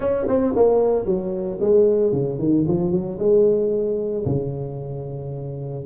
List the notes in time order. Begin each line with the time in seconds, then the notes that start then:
0.00 C#4
0.28 C4
0.55 A#3
1.05 F#3
1.60 G#3
2.12 C#3
2.38 D#3
2.67 F3
2.91 F#3
3.18 G#3
4.25 C#3